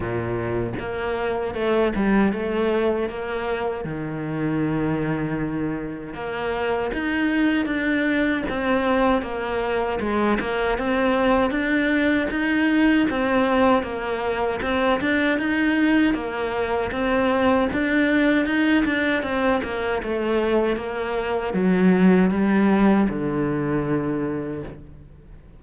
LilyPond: \new Staff \with { instrumentName = "cello" } { \time 4/4 \tempo 4 = 78 ais,4 ais4 a8 g8 a4 | ais4 dis2. | ais4 dis'4 d'4 c'4 | ais4 gis8 ais8 c'4 d'4 |
dis'4 c'4 ais4 c'8 d'8 | dis'4 ais4 c'4 d'4 | dis'8 d'8 c'8 ais8 a4 ais4 | fis4 g4 d2 | }